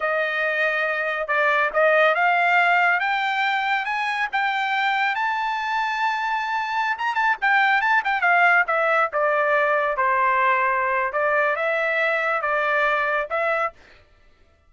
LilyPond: \new Staff \with { instrumentName = "trumpet" } { \time 4/4 \tempo 4 = 140 dis''2. d''4 | dis''4 f''2 g''4~ | g''4 gis''4 g''2 | a''1~ |
a''16 ais''8 a''8 g''4 a''8 g''8 f''8.~ | f''16 e''4 d''2 c''8.~ | c''2 d''4 e''4~ | e''4 d''2 e''4 | }